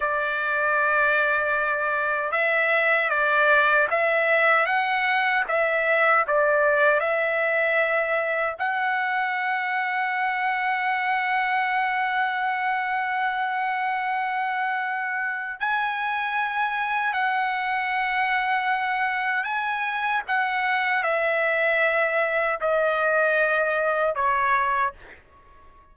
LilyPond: \new Staff \with { instrumentName = "trumpet" } { \time 4/4 \tempo 4 = 77 d''2. e''4 | d''4 e''4 fis''4 e''4 | d''4 e''2 fis''4~ | fis''1~ |
fis''1 | gis''2 fis''2~ | fis''4 gis''4 fis''4 e''4~ | e''4 dis''2 cis''4 | }